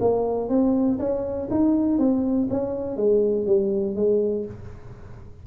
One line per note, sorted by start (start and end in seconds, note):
0.00 0.49 A#3
0.49 0.98 C4
0.99 1.49 C#4
1.50 1.99 D#4
1.99 2.48 C4
2.50 2.97 C#4
2.97 3.46 G#3
3.46 3.96 G3
3.96 4.45 G#3